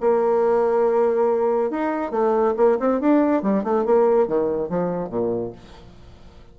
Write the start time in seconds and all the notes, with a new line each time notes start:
0.00 A#3
1.70 D#4
2.11 A3
2.56 A#3
2.79 C4
3.00 D4
3.42 G3
3.63 A3
3.85 A#3
4.27 D#3
4.69 F3
5.09 A#2